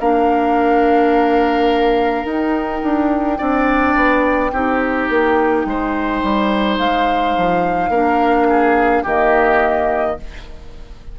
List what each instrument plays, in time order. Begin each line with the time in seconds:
0.00 bassoon A#3, clarinet D4, oboe A#4, flute F5
2.25 bassoon D#4, clarinet D#4, flute G5
2.83 bassoon D4
3.38 bassoon C4, clarinet D4, oboe D5
3.96 bassoon B3
4.52 bassoon C4, clarinet D#4, oboe G4
5.10 bassoon A#3
5.65 bassoon G#3, oboe C5
6.23 bassoon G3
6.79 bassoon G#3, flute F5
7.37 bassoon F3
7.89 bassoon A#3, clarinet D4, oboe A#4
8.50 oboe G#4
9.04 bassoon D#3, clarinet A#3, oboe G4, flute D#5